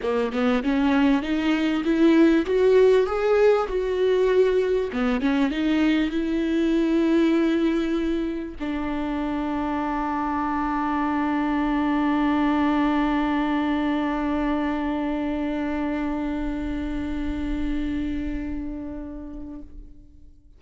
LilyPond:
\new Staff \with { instrumentName = "viola" } { \time 4/4 \tempo 4 = 98 ais8 b8 cis'4 dis'4 e'4 | fis'4 gis'4 fis'2 | b8 cis'8 dis'4 e'2~ | e'2 d'2~ |
d'1~ | d'1~ | d'1~ | d'1 | }